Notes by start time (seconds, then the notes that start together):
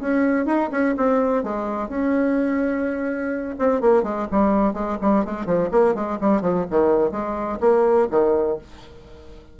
0.00 C#4
0.45 D#4
0.71 C#4
0.97 C4
1.43 G#3
1.89 C#4
3.58 C4
3.81 A#3
4.03 G#3
4.31 G3
4.73 G#3
5.01 G3
5.25 G#3
5.45 F3
5.71 A#3
5.94 G#3
6.21 G3
6.41 F3
6.70 D#3
7.11 G#3
7.60 A#3
8.11 D#3